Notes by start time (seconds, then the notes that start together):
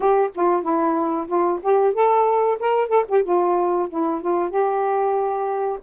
0.00 G4
0.35 F4
0.62 E4
1.27 F4
1.62 G4
1.94 A4
2.59 A#4
2.88 A4
3.08 G4
3.23 F4
3.89 E4
4.21 F4
4.50 G4